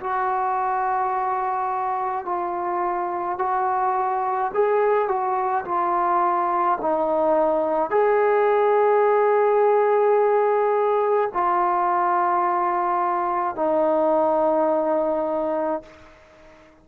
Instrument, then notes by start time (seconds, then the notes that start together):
trombone
0.00 F#4
2.25 F4
3.39 F#4
4.54 G#4
5.08 F#4
5.65 F4
6.81 D#4
7.90 G#4
11.33 F4
13.55 D#4